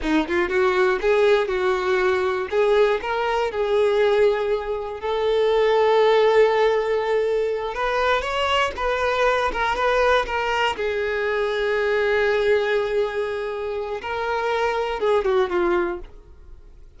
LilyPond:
\new Staff \with { instrumentName = "violin" } { \time 4/4 \tempo 4 = 120 dis'8 f'8 fis'4 gis'4 fis'4~ | fis'4 gis'4 ais'4 gis'4~ | gis'2 a'2~ | a'2.~ a'8 b'8~ |
b'8 cis''4 b'4. ais'8 b'8~ | b'8 ais'4 gis'2~ gis'8~ | gis'1 | ais'2 gis'8 fis'8 f'4 | }